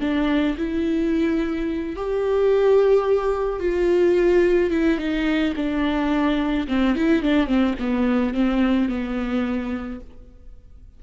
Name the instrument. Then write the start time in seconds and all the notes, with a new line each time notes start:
viola
0.00 D4
0.57 E4
1.95 G4
3.59 F4
4.70 E4
4.97 D#4
5.56 D4
6.67 C4
6.95 E4
7.22 D4
7.46 C4
7.79 B3
8.34 C4
8.88 B3